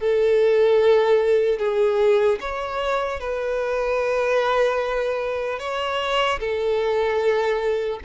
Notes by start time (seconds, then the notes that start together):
0.00 A4
1.59 G#4
2.40 C#5
3.20 B4
5.59 C#5
6.40 A4